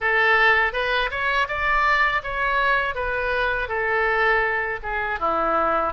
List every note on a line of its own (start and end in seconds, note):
0.00 0.72 A4
0.72 1.09 B4
1.10 1.47 C#5
1.48 2.22 D5
2.23 2.94 C#5
2.94 3.68 B4
3.68 4.79 A4
4.82 5.19 G#4
5.19 5.93 E4